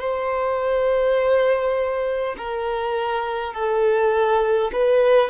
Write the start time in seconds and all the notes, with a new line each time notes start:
0.00 C5
2.37 A#4
3.53 A4
4.72 B4